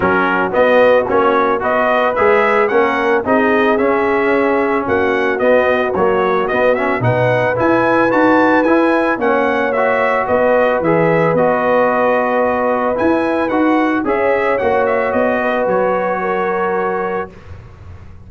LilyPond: <<
  \new Staff \with { instrumentName = "trumpet" } { \time 4/4 \tempo 4 = 111 ais'4 dis''4 cis''4 dis''4 | e''4 fis''4 dis''4 e''4~ | e''4 fis''4 dis''4 cis''4 | dis''8 e''8 fis''4 gis''4 a''4 |
gis''4 fis''4 e''4 dis''4 | e''4 dis''2. | gis''4 fis''4 e''4 fis''8 e''8 | dis''4 cis''2. | }
  \new Staff \with { instrumentName = "horn" } { \time 4/4 fis'2. b'4~ | b'4 ais'4 gis'2~ | gis'4 fis'2.~ | fis'4 b'2.~ |
b'4 cis''2 b'4~ | b'1~ | b'2 cis''2~ | cis''8 b'4. ais'2 | }
  \new Staff \with { instrumentName = "trombone" } { \time 4/4 cis'4 b4 cis'4 fis'4 | gis'4 cis'4 dis'4 cis'4~ | cis'2 b4 fis4 | b8 cis'8 dis'4 e'4 fis'4 |
e'4 cis'4 fis'2 | gis'4 fis'2. | e'4 fis'4 gis'4 fis'4~ | fis'1 | }
  \new Staff \with { instrumentName = "tuba" } { \time 4/4 fis4 b4 ais4 b4 | gis4 ais4 c'4 cis'4~ | cis'4 ais4 b4 ais4 | b4 b,4 e'4 dis'4 |
e'4 ais2 b4 | e4 b2. | e'4 dis'4 cis'4 ais4 | b4 fis2. | }
>>